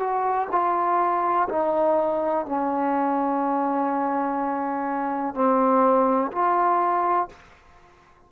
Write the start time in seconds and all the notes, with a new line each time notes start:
0.00 F#4
0.51 F4
1.50 D#4
2.46 C#4
5.35 C4
6.32 F4